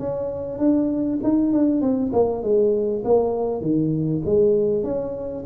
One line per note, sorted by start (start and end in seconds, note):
0.00 0.59 C#4
0.59 1.20 D4
1.24 1.53 D#4
1.53 1.82 D4
1.82 2.12 C4
2.13 2.43 A#3
2.43 3.04 G#3
3.05 3.62 A#3
3.62 4.22 D#3
4.26 4.84 G#3
4.84 5.45 C#4